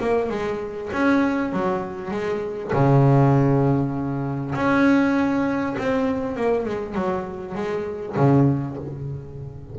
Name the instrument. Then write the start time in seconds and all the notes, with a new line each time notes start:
double bass
0.00 A#3
0.29 G#3
0.92 C#4
1.52 F#3
2.10 G#3
2.72 C#3
4.55 C#4
5.78 C4
6.36 A#3
6.65 G#3
6.94 F#3
7.55 G#3
8.16 C#3